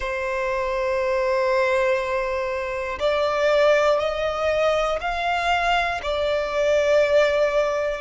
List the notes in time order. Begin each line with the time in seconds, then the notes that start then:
0.00 C5
2.99 D5
3.99 D#5
5.00 F5
6.02 D5